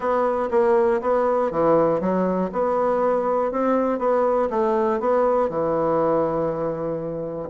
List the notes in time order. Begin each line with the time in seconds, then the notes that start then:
0.00 B3
0.50 A#3
1.01 B3
1.51 E3
2.00 F#3
2.52 B3
3.51 C4
3.99 B3
4.50 A3
5.00 B3
5.49 E3